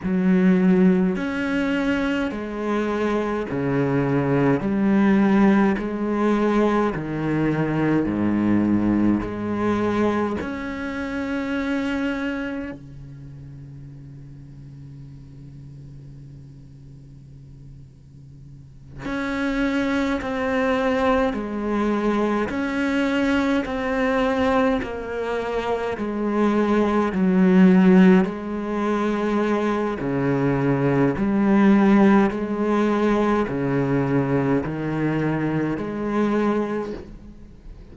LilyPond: \new Staff \with { instrumentName = "cello" } { \time 4/4 \tempo 4 = 52 fis4 cis'4 gis4 cis4 | g4 gis4 dis4 gis,4 | gis4 cis'2 cis4~ | cis1~ |
cis8 cis'4 c'4 gis4 cis'8~ | cis'8 c'4 ais4 gis4 fis8~ | fis8 gis4. cis4 g4 | gis4 cis4 dis4 gis4 | }